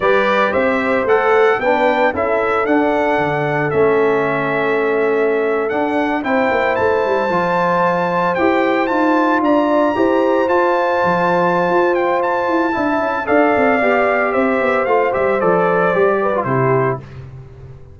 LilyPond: <<
  \new Staff \with { instrumentName = "trumpet" } { \time 4/4 \tempo 4 = 113 d''4 e''4 fis''4 g''4 | e''4 fis''2 e''4~ | e''2~ e''8. fis''4 g''16~ | g''8. a''2. g''16~ |
g''8. a''4 ais''2 a''16~ | a''2~ a''8 g''8 a''4~ | a''4 f''2 e''4 | f''8 e''8 d''2 c''4 | }
  \new Staff \with { instrumentName = "horn" } { \time 4/4 b'4 c''2 b'4 | a'1~ | a'2.~ a'8. c''16~ | c''1~ |
c''4.~ c''16 d''4 c''4~ c''16~ | c''1 | e''4 d''2 c''4~ | c''2~ c''8 b'8 g'4 | }
  \new Staff \with { instrumentName = "trombone" } { \time 4/4 g'2 a'4 d'4 | e'4 d'2 cis'4~ | cis'2~ cis'8. d'4 e'16~ | e'4.~ e'16 f'2 g'16~ |
g'8. f'2 g'4 f'16~ | f'1 | e'4 a'4 g'2 | f'8 g'8 a'4 g'8. f'16 e'4 | }
  \new Staff \with { instrumentName = "tuba" } { \time 4/4 g4 c'4 a4 b4 | cis'4 d'4 d4 a4~ | a2~ a8. d'4 c'16~ | c'16 ais8 a8 g8 f2 e'16~ |
e'8. dis'4 d'4 e'4 f'16~ | f'8. f4~ f16 f'4. e'8 | d'8 cis'8 d'8 c'8 b4 c'8 b8 | a8 g8 f4 g4 c4 | }
>>